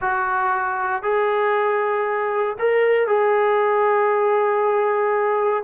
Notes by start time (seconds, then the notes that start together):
0.01 F#4
1.03 G#4
2.58 A#4
3.07 G#4